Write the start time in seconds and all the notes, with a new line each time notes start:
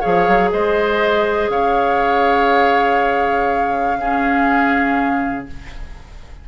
0.00 F3 G#4 C#5 F5
0.28 F#3
0.51 G#3 C5 D#5
1.49 C#3 C#5 F5
3.99 C#4 G#4